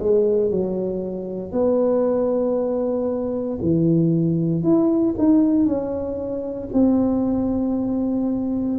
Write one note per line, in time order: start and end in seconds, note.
0.00 0.51 G#3
0.51 1.52 F#3
1.52 3.59 B3
3.62 4.64 E3
4.64 5.15 E4
5.19 5.66 D#4
5.66 6.70 C#4
6.73 8.79 C4